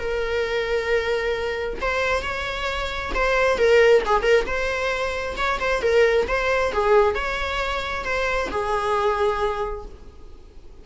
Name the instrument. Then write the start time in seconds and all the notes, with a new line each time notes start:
viola
0.00 A#4
1.82 C5
2.23 C#5
3.15 C5
3.58 A#4
4.06 G#4
4.23 A#4
4.47 C5
5.37 C#5
5.60 C5
5.83 A#4
6.28 C5
6.73 G#4
7.15 C#5
8.05 C5
8.51 G#4